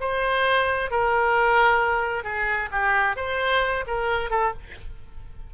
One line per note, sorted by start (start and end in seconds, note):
0.00 0.91 C5
0.91 2.24 A#4
2.24 2.69 G#4
2.71 3.16 G4
3.16 3.85 C5
3.87 4.30 A#4
4.30 4.53 A4